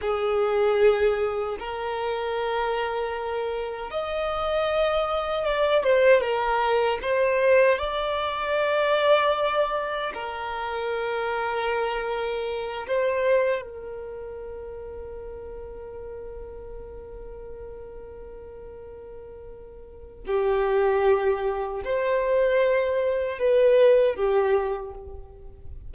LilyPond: \new Staff \with { instrumentName = "violin" } { \time 4/4 \tempo 4 = 77 gis'2 ais'2~ | ais'4 dis''2 d''8 c''8 | ais'4 c''4 d''2~ | d''4 ais'2.~ |
ais'8 c''4 ais'2~ ais'8~ | ais'1~ | ais'2 g'2 | c''2 b'4 g'4 | }